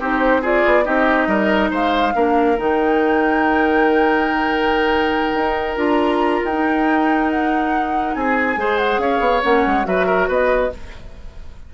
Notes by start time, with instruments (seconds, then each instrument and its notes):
0.00 bassoon C4, clarinet D#4, oboe G4, flute C5
0.42 clarinet F4, oboe G#4, flute D5
0.66 bassoon B3
0.84 bassoon C4, clarinet D#4, oboe G4, flute D#5
1.28 bassoon G3, oboe A#4
1.71 bassoon G#3, oboe C5, flute F5
2.15 bassoon A#3, clarinet D4, oboe A#4
2.57 bassoon D#3, clarinet D#4, flute G5
5.34 bassoon D#4
5.77 bassoon D4, clarinet F4, flute A#5
6.45 bassoon D#4, flute G5
6.52 clarinet D#4
7.30 flute F#5
8.15 bassoon C4, oboe G#4, flute G#5
8.57 bassoon G#3, clarinet G#4, oboe C5
8.78 flute F#5
8.98 bassoon C#4, oboe C#5, flute F5
9.20 bassoon B3
9.43 bassoon A#3, clarinet C#4, flute F#5
9.66 bassoon G#3
9.84 bassoon F#3, clarinet F#4, oboe B4, flute E5
10.07 oboe A#4
10.29 bassoon B3, oboe B4, flute D#5